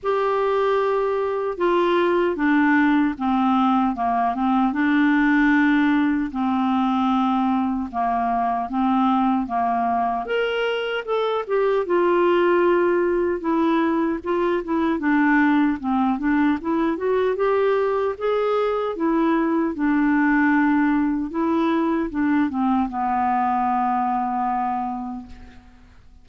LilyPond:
\new Staff \with { instrumentName = "clarinet" } { \time 4/4 \tempo 4 = 76 g'2 f'4 d'4 | c'4 ais8 c'8 d'2 | c'2 ais4 c'4 | ais4 ais'4 a'8 g'8 f'4~ |
f'4 e'4 f'8 e'8 d'4 | c'8 d'8 e'8 fis'8 g'4 gis'4 | e'4 d'2 e'4 | d'8 c'8 b2. | }